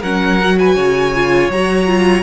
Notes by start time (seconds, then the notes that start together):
0.00 F#3 C#4 A#4 F#5
0.41 F#4
0.58 B4 G#5
0.75 C#3 C#5
1.14 F4
1.49 F#3 F#4 A#5
1.86 F4